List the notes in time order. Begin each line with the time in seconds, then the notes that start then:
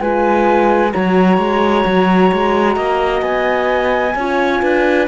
0.00 G#3 F4 B4 G#5
0.90 F#4 C#5 A#5
0.96 F#3
1.38 G#3
1.86 F#3
2.32 G#3
2.76 A#3 D#5
3.22 B3 G#5
4.16 C#4 F4 C#5
4.62 D4 B4